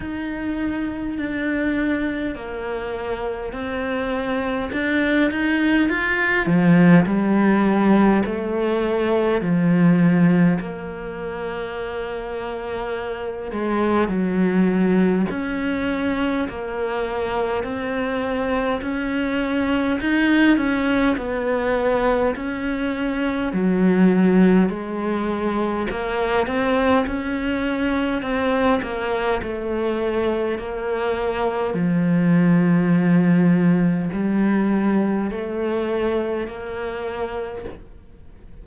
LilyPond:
\new Staff \with { instrumentName = "cello" } { \time 4/4 \tempo 4 = 51 dis'4 d'4 ais4 c'4 | d'8 dis'8 f'8 f8 g4 a4 | f4 ais2~ ais8 gis8 | fis4 cis'4 ais4 c'4 |
cis'4 dis'8 cis'8 b4 cis'4 | fis4 gis4 ais8 c'8 cis'4 | c'8 ais8 a4 ais4 f4~ | f4 g4 a4 ais4 | }